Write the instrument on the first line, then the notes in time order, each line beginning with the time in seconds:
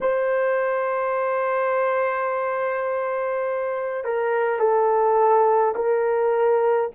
horn
0.00 C5
4.04 A#4
4.58 A4
5.75 A#4